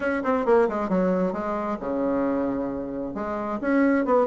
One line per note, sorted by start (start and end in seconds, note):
0.00 0.22 C#4
0.23 0.45 C4
0.45 0.68 A#3
0.68 0.89 G#3
0.89 1.32 F#3
1.32 1.77 G#3
1.80 3.14 C#3
3.14 3.59 G#3
3.61 4.05 C#4
4.05 4.27 B3